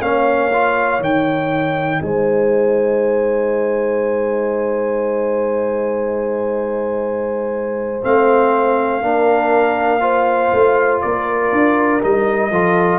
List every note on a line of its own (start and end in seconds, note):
0.00 0.99 A#3
0.00 0.51 C#4
0.00 2.03 C#5
0.00 1.01 F5
0.52 1.00 F4
0.99 1.99 D#3
0.99 8.00 D#4
0.99 2.02 G5
2.02 8.02 G#3
2.02 9.03 C5
2.02 8.02 G#5
8.03 9.02 A3
8.03 9.02 C4
8.03 11.01 F5
9.02 10.52 A#3
9.02 10.00 D4
9.02 10.01 A#4
10.00 12.00 F4
10.00 11.01 C5
10.52 11.02 A3
11.01 11.52 A#3
11.01 12.51 A#4
11.01 12.01 D5
11.52 12.02 D4
12.01 12.50 G3
12.01 12.51 D#4
12.01 12.99 D#5
12.50 12.99 F3
12.50 12.99 F4
12.50 12.99 A4